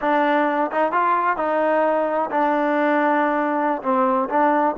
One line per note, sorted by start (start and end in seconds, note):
0.01 0.71 D4
0.71 0.92 D#4
0.92 1.37 F4
1.37 2.30 D#4
2.30 3.81 D4
3.82 4.29 C4
4.29 4.75 D4